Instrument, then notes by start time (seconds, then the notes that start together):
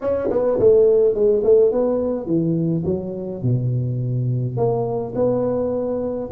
tuba
0.01 C#4
0.30 B3
0.59 A3
1.14 G#3
1.44 A3
1.71 B3
2.26 E3
2.85 F#3
3.42 B2
4.57 A#3
5.15 B3